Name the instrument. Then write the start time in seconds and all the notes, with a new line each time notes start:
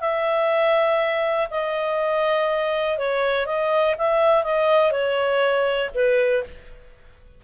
clarinet
0.00 E5
1.50 D#5
2.98 C#5
3.46 D#5
3.97 E5
4.43 D#5
4.91 C#5
5.94 B4